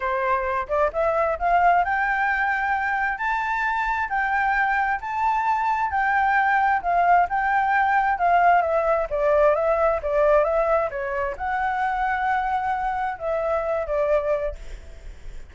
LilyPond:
\new Staff \with { instrumentName = "flute" } { \time 4/4 \tempo 4 = 132 c''4. d''8 e''4 f''4 | g''2. a''4~ | a''4 g''2 a''4~ | a''4 g''2 f''4 |
g''2 f''4 e''4 | d''4 e''4 d''4 e''4 | cis''4 fis''2.~ | fis''4 e''4. d''4. | }